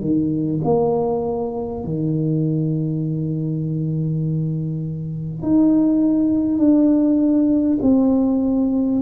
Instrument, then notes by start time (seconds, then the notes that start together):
tuba
0.00 D#3
0.64 A#3
1.84 D#3
5.42 D#4
6.58 D4
7.82 C4